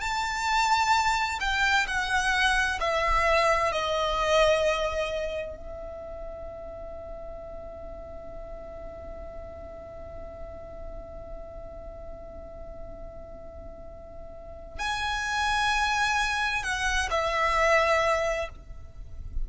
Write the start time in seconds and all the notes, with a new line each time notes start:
0.00 A5
1.40 G5
1.87 F#5
2.80 E5
3.71 D#5
5.56 E5
14.79 G#5
16.63 F#5
17.10 E5